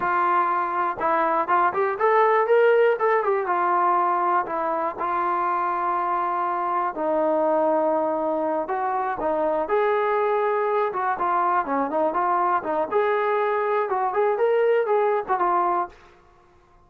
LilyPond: \new Staff \with { instrumentName = "trombone" } { \time 4/4 \tempo 4 = 121 f'2 e'4 f'8 g'8 | a'4 ais'4 a'8 g'8 f'4~ | f'4 e'4 f'2~ | f'2 dis'2~ |
dis'4. fis'4 dis'4 gis'8~ | gis'2 fis'8 f'4 cis'8 | dis'8 f'4 dis'8 gis'2 | fis'8 gis'8 ais'4 gis'8. fis'16 f'4 | }